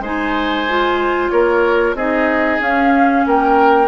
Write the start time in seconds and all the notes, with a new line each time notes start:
0.00 G#3 D#4 C5 G#5
0.69 F4
1.30 A#3 A#4 C#5
1.94 C4 D#4 G#4 D#5
2.61 C#4 F5
3.26 A#3 A#4 G5